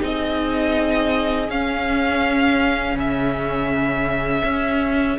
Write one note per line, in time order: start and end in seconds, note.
0.00 1.49 C4
0.00 1.48 D#4
0.00 5.19 G#4
0.00 1.50 D#5
1.48 5.19 C#4
1.48 2.94 C#4
1.48 2.98 F5
2.94 4.42 C#3
2.94 5.19 E5
4.44 5.18 C#4